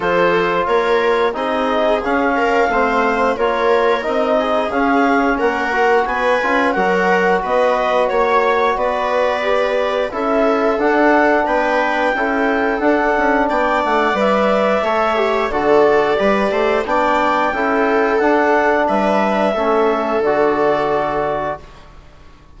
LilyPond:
<<
  \new Staff \with { instrumentName = "clarinet" } { \time 4/4 \tempo 4 = 89 c''4 cis''4 dis''4 f''4~ | f''4 cis''4 dis''4 f''4 | fis''4 gis''4 fis''4 dis''4 | cis''4 d''2 e''4 |
fis''4 g''2 fis''4 | g''8 fis''8 e''2 d''4~ | d''4 g''2 fis''4 | e''2 d''2 | }
  \new Staff \with { instrumentName = "viola" } { \time 4/4 a'4 ais'4 gis'4. ais'8 | c''4 ais'4. gis'4. | ais'4 b'4 ais'4 b'4 | cis''4 b'2 a'4~ |
a'4 b'4 a'2 | d''2 cis''4 a'4 | b'8 c''8 d''4 a'2 | b'4 a'2. | }
  \new Staff \with { instrumentName = "trombone" } { \time 4/4 f'2 dis'4 cis'4 | c'4 f'4 dis'4 cis'4~ | cis'8 fis'4 f'8 fis'2~ | fis'2 g'4 e'4 |
d'2 e'4 d'4~ | d'4 b'4 a'8 g'8 fis'4 | g'4 d'4 e'4 d'4~ | d'4 cis'4 fis'2 | }
  \new Staff \with { instrumentName = "bassoon" } { \time 4/4 f4 ais4 c'4 cis'4 | a4 ais4 c'4 cis'4 | ais4 b8 cis'8 fis4 b4 | ais4 b2 cis'4 |
d'4 b4 cis'4 d'8 cis'8 | b8 a8 g4 a4 d4 | g8 a8 b4 cis'4 d'4 | g4 a4 d2 | }
>>